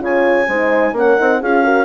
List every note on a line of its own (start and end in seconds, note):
0.00 0.47 C#3
0.00 0.46 F4
0.00 0.48 C#5
0.00 0.97 G#5
0.48 0.93 G#3
0.48 0.95 D#4
0.48 0.94 C5
0.93 1.16 A#3
0.93 1.17 C#4
0.93 1.41 A#4
0.93 1.42 F#5
1.17 1.42 C4
1.17 1.41 D#4
1.41 1.85 C#4
1.41 1.63 F4
1.41 1.63 G#4
1.41 1.85 F5
1.63 1.85 F#4
1.63 1.85 A#4